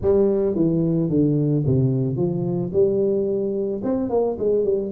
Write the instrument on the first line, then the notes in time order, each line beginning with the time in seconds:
tuba
0.01 G3
0.55 E3
1.09 D3
1.66 C3
2.16 F3
2.72 G3
3.83 C4
4.09 A#3
4.38 G#3
4.64 G3